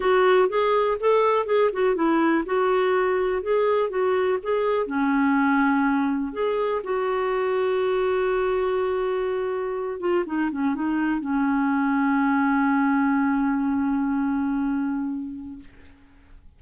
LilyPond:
\new Staff \with { instrumentName = "clarinet" } { \time 4/4 \tempo 4 = 123 fis'4 gis'4 a'4 gis'8 fis'8 | e'4 fis'2 gis'4 | fis'4 gis'4 cis'2~ | cis'4 gis'4 fis'2~ |
fis'1~ | fis'8 f'8 dis'8 cis'8 dis'4 cis'4~ | cis'1~ | cis'1 | }